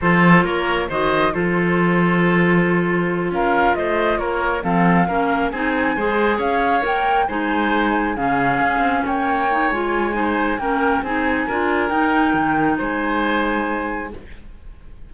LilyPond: <<
  \new Staff \with { instrumentName = "flute" } { \time 4/4 \tempo 4 = 136 c''4 cis''4 dis''4 c''4~ | c''2.~ c''8 f''8~ | f''8 dis''4 cis''4 f''4.~ | f''8 gis''2 f''4 g''8~ |
g''8 gis''2 f''4.~ | f''8 g''4. gis''2 | g''4 gis''2 g''4~ | g''4 gis''2. | }
  \new Staff \with { instrumentName = "oboe" } { \time 4/4 a'4 ais'4 c''4 a'4~ | a'2.~ a'8 ais'8~ | ais'8 c''4 ais'4 a'4 ais'8~ | ais'8 gis'4 c''4 cis''4.~ |
cis''8 c''2 gis'4.~ | gis'8 cis''2~ cis''8 c''4 | ais'4 gis'4 ais'2~ | ais'4 c''2. | }
  \new Staff \with { instrumentName = "clarinet" } { \time 4/4 f'2 fis'4 f'4~ | f'1~ | f'2~ f'8 c'4 cis'8~ | cis'8 dis'4 gis'2 ais'8~ |
ais'8 dis'2 cis'4.~ | cis'4. dis'8 f'4 dis'4 | cis'4 dis'4 f'4 dis'4~ | dis'1 | }
  \new Staff \with { instrumentName = "cello" } { \time 4/4 f4 ais4 dis4 f4~ | f2.~ f8 cis'8~ | cis'8 a4 ais4 f4 ais8~ | ais8 c'4 gis4 cis'4 ais8~ |
ais8 gis2 cis4 cis'8 | c'8 ais4. gis2 | ais4 c'4 d'4 dis'4 | dis4 gis2. | }
>>